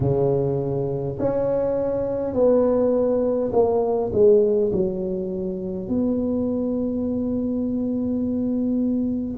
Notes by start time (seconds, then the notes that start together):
0.00 C#3
1.19 C#4
2.33 B3
3.52 A#3
4.12 G#3
4.72 F#3
5.88 B3